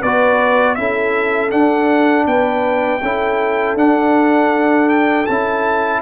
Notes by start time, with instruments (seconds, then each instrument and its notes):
0.00 tuba B3, trombone F#4, horn B4, trumpet D5
0.75 tuba C#4, trombone E4, horn A4, trumpet E5
1.50 trombone D4, tuba D4, trumpet F#5
2.26 tuba B3, horn B4, trumpet G5
3.02 tuba C#4, trombone E4, horn A4
3.75 tuba D4, trombone D4, trumpet F#5
4.88 trumpet G5
5.26 tuba C#4, trombone E4, trumpet A5